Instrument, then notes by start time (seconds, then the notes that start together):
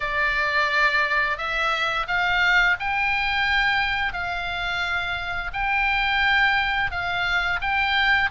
oboe
0.00 D5
1.37 E5
2.07 F5
2.79 G5
4.13 F5
5.53 G5
6.91 F5
7.61 G5